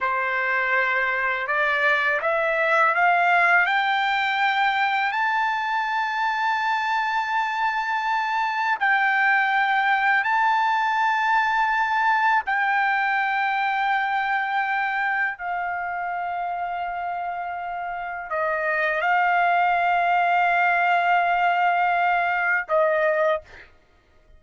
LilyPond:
\new Staff \with { instrumentName = "trumpet" } { \time 4/4 \tempo 4 = 82 c''2 d''4 e''4 | f''4 g''2 a''4~ | a''1 | g''2 a''2~ |
a''4 g''2.~ | g''4 f''2.~ | f''4 dis''4 f''2~ | f''2. dis''4 | }